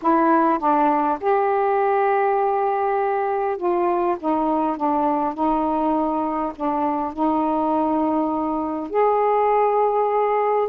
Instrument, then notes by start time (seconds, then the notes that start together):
saxophone
0.02 E4
0.58 D4
1.20 G4
3.57 F4
4.19 D#4
4.76 D4
5.34 D#4
6.55 D4
7.13 D#4
8.89 G#4